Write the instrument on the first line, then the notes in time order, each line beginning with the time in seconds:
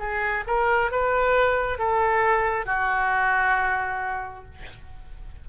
oboe
0.00 G#4
0.47 A#4
0.92 B4
1.79 A4
2.66 F#4